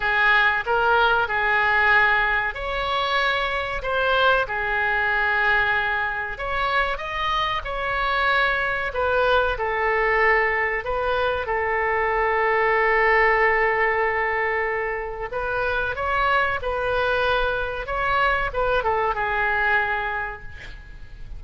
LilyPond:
\new Staff \with { instrumentName = "oboe" } { \time 4/4 \tempo 4 = 94 gis'4 ais'4 gis'2 | cis''2 c''4 gis'4~ | gis'2 cis''4 dis''4 | cis''2 b'4 a'4~ |
a'4 b'4 a'2~ | a'1 | b'4 cis''4 b'2 | cis''4 b'8 a'8 gis'2 | }